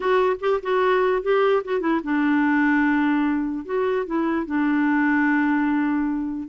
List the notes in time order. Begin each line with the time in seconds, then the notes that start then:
0.00 F#4
0.40 G4
0.62 F#4
1.22 G4
1.64 F#4
1.80 E4
2.03 D4
3.65 F#4
4.06 E4
4.45 D4